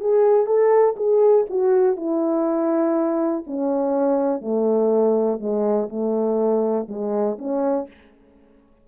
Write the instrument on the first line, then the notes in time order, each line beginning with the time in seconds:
horn
0.00 G#4
0.46 A4
0.97 G#4
1.50 F#4
1.96 E4
3.47 C#4
4.41 A3
5.39 G#3
5.89 A3
6.88 G#3
7.39 C#4